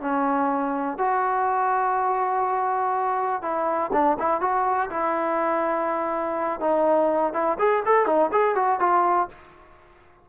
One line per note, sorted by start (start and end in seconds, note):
0.00 0.98 C#4
0.98 3.41 F#4
3.42 3.91 E4
3.92 4.17 D4
4.19 4.41 E4
4.41 4.89 F#4
4.90 6.59 E4
6.59 7.33 D#4
7.33 7.57 E4
7.58 7.83 G#4
7.85 8.06 A4
8.06 8.30 D#4
8.32 8.55 G#4
8.55 8.79 F#4
8.79 9.28 F4